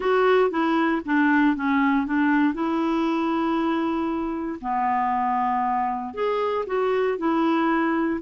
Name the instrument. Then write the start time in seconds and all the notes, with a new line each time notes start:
clarinet
0.00 F#4
0.50 E4
1.05 D4
1.55 C#4
2.06 D4
2.54 E4
4.61 B3
6.14 G#4
6.66 F#4
7.18 E4